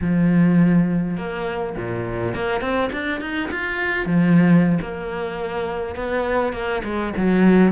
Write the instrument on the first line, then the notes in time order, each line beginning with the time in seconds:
cello
0.01 F3
1.17 A#3
1.76 A#2
2.34 A#3
2.61 C4
2.92 D4
3.20 D#4
3.51 F4
4.06 F3
4.81 A#3
5.95 B3
6.52 A#3
6.84 G#3
7.17 F#3